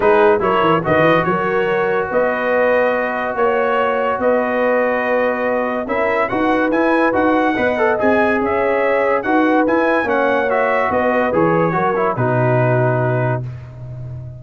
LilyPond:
<<
  \new Staff \with { instrumentName = "trumpet" } { \time 4/4 \tempo 4 = 143 b'4 cis''4 dis''4 cis''4~ | cis''4 dis''2. | cis''2 dis''2~ | dis''2 e''4 fis''4 |
gis''4 fis''2 gis''4 | e''2 fis''4 gis''4 | fis''4 e''4 dis''4 cis''4~ | cis''4 b'2. | }
  \new Staff \with { instrumentName = "horn" } { \time 4/4 gis'4 ais'4 b'4 ais'4~ | ais'4 b'2. | cis''2 b'2~ | b'2 ais'4 b'4~ |
b'2 dis''2 | cis''2 b'2 | cis''2 b'2 | ais'4 fis'2. | }
  \new Staff \with { instrumentName = "trombone" } { \time 4/4 dis'4 e'4 fis'2~ | fis'1~ | fis'1~ | fis'2 e'4 fis'4 |
e'4 fis'4 b'8 a'8 gis'4~ | gis'2 fis'4 e'4 | cis'4 fis'2 gis'4 | fis'8 e'8 dis'2. | }
  \new Staff \with { instrumentName = "tuba" } { \time 4/4 gis4 fis8 e8 dis8 e8 fis4~ | fis4 b2. | ais2 b2~ | b2 cis'4 dis'4 |
e'4 dis'4 b4 c'4 | cis'2 dis'4 e'4 | ais2 b4 e4 | fis4 b,2. | }
>>